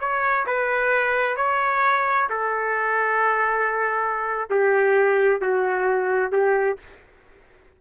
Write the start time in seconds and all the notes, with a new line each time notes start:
0.00 C#5
0.46 B4
1.36 C#5
2.30 A4
4.50 G4
5.41 F#4
6.32 G4